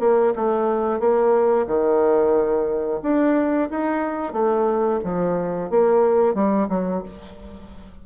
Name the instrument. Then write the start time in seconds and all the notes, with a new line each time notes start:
bassoon
0.00 A#3
0.36 A3
1.00 A#3
1.67 D#3
3.03 D4
3.70 D#4
4.33 A3
5.04 F3
5.70 A#3
6.34 G3
6.69 F#3